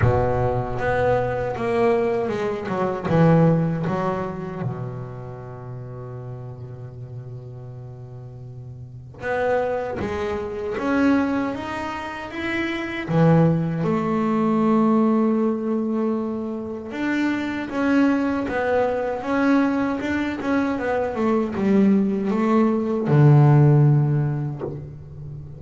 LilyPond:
\new Staff \with { instrumentName = "double bass" } { \time 4/4 \tempo 4 = 78 b,4 b4 ais4 gis8 fis8 | e4 fis4 b,2~ | b,1 | b4 gis4 cis'4 dis'4 |
e'4 e4 a2~ | a2 d'4 cis'4 | b4 cis'4 d'8 cis'8 b8 a8 | g4 a4 d2 | }